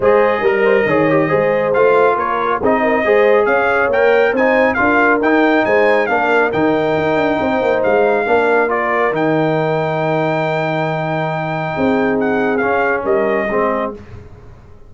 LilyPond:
<<
  \new Staff \with { instrumentName = "trumpet" } { \time 4/4 \tempo 4 = 138 dis''1 | f''4 cis''4 dis''2 | f''4 g''4 gis''4 f''4 | g''4 gis''4 f''4 g''4~ |
g''2 f''2 | d''4 g''2.~ | g''1 | fis''4 f''4 dis''2 | }
  \new Staff \with { instrumentName = "horn" } { \time 4/4 c''4 ais'8 c''8 cis''4 c''4~ | c''4 ais'4 gis'8 ais'8 c''4 | cis''2 c''4 ais'4~ | ais'4 c''4 ais'2~ |
ais'4 c''2 ais'4~ | ais'1~ | ais'2. gis'4~ | gis'2 ais'4 gis'4 | }
  \new Staff \with { instrumentName = "trombone" } { \time 4/4 gis'4 ais'4 gis'8 g'8 gis'4 | f'2 dis'4 gis'4~ | gis'4 ais'4 dis'4 f'4 | dis'2 d'4 dis'4~ |
dis'2. d'4 | f'4 dis'2.~ | dis'1~ | dis'4 cis'2 c'4 | }
  \new Staff \with { instrumentName = "tuba" } { \time 4/4 gis4 g4 dis4 gis4 | a4 ais4 c'4 gis4 | cis'4 ais4 c'4 d'4 | dis'4 gis4 ais4 dis4 |
dis'8 d'8 c'8 ais8 gis4 ais4~ | ais4 dis2.~ | dis2. c'4~ | c'4 cis'4 g4 gis4 | }
>>